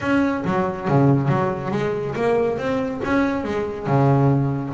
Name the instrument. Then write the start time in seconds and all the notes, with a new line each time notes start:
double bass
0.01 C#4
0.44 F#3
0.88 C#3
1.28 F#3
1.71 G#3
2.15 A#3
2.58 C4
3.04 C#4
3.44 G#3
3.86 C#3